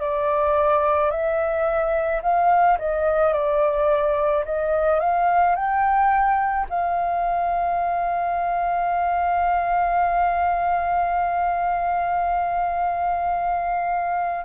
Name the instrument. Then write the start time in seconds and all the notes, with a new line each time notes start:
flute
0.00 D5
1.10 E5
2.22 F5
2.78 D#5
3.33 D5
4.44 D#5
4.99 F5
5.55 G5
6.69 F5